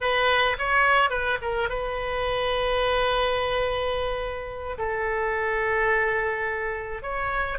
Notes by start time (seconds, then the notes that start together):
0.01 B4
0.58 C#5
1.10 B4
1.41 A#4
1.69 B4
4.78 A4
7.02 C#5